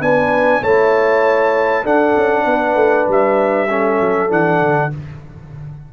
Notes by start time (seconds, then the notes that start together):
0.00 B3 D4 B4 G#5
0.61 A3 E4 C#5 A5
1.82 D4 A4 F#5
2.16 C#4
2.45 B3 B4
2.75 A3
3.08 G3 E5
3.69 C#4 A4
4.00 F#3
4.29 E3 D4 F#5
4.61 D3